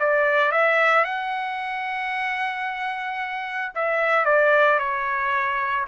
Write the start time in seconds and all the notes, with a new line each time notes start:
0.00 D5
0.52 E5
1.05 F#5
3.75 E5
4.26 D5
4.79 C#5